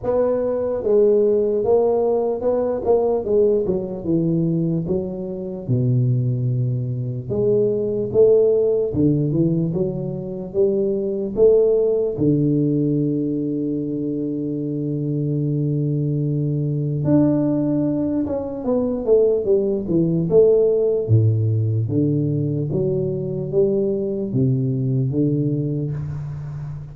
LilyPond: \new Staff \with { instrumentName = "tuba" } { \time 4/4 \tempo 4 = 74 b4 gis4 ais4 b8 ais8 | gis8 fis8 e4 fis4 b,4~ | b,4 gis4 a4 d8 e8 | fis4 g4 a4 d4~ |
d1~ | d4 d'4. cis'8 b8 a8 | g8 e8 a4 a,4 d4 | fis4 g4 c4 d4 | }